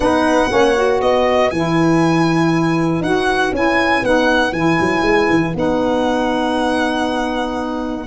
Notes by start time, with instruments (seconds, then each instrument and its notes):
0.00 tuba B3, saxophone D#4, horn B4, violin F#5
0.49 tuba A#3, saxophone C#4, horn C#5
0.75 saxophone F#4
1.00 tuba B3, horn B4, violin D#5
1.50 tuba E3, saxophone E4, violin G#5
3.00 tuba D#4, saxophone F#4, violin F#5
3.52 tuba C#4, saxophone E4, violin G#5
4.02 tuba B3, saxophone D#4, violin F#5
4.51 tuba E3, saxophone E4, violin G#5
4.80 tuba F#3
5.02 tuba G#3
5.29 tuba E3
5.53 tuba B3, saxophone D#4, violin F#5